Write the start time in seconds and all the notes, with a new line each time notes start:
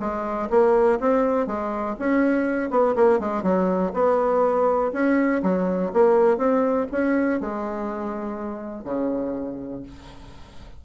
0.00 G#3
0.50 A#3
1.00 C4
1.47 G#3
1.99 C#4
2.70 B3
2.96 A#3
3.19 G#3
3.43 F#3
3.94 B3
4.93 C#4
5.43 F#3
5.94 A#3
6.38 C4
6.92 C#4
7.40 G#3
8.85 C#3